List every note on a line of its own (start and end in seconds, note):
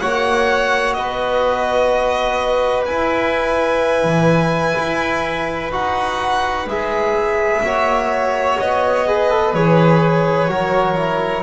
0.00 0.98 A#3
0.00 2.87 F#4
0.00 0.97 C#5
0.00 0.93 F#5
0.93 2.87 B3
0.93 7.65 B4
0.93 2.84 D#5
2.86 4.03 E4
2.86 5.72 E4
2.86 5.72 G#5
4.03 4.75 E3
4.78 5.72 E4
5.72 6.66 D#4
5.72 6.67 F#4
5.72 6.69 F#5
6.66 7.61 G#3
6.66 7.63 G#4
6.66 8.60 E5
7.62 8.57 A#3
7.62 9.07 F#4
7.62 9.07 C#5
8.60 9.54 B3
8.60 9.54 D#5
9.07 9.30 G#4
9.07 10.50 B4
9.30 9.54 A4
9.54 10.48 E3
9.54 10.49 G#4
9.54 11.43 C#5
10.48 11.43 F#3
10.48 10.96 F#4
10.48 11.43 A#4
10.96 11.43 E4